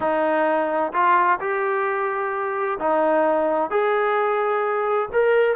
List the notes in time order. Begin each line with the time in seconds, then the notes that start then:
0.00 D#4
0.93 F4
1.40 G4
2.79 D#4
3.70 G#4
5.13 A#4